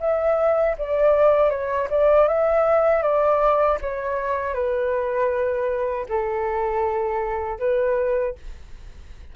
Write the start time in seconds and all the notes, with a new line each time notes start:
0.00 E5
0.78 D5
1.50 C#5
1.90 D5
2.28 E5
3.02 D5
3.81 C#5
4.54 B4
6.09 A4
7.59 B4